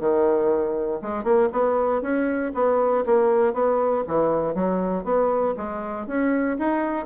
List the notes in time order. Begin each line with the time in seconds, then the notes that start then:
0.00 D#3
1.02 G#3
1.24 A#3
1.53 B3
2.02 C#4
2.54 B3
3.06 A#3
3.54 B3
4.07 E3
4.55 F#3
5.05 B3
5.57 G#3
6.07 C#4
6.59 D#4